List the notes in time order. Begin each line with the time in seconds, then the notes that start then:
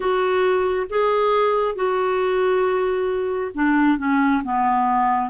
0.00 F#4
0.89 G#4
1.75 F#4
3.54 D4
3.98 C#4
4.44 B3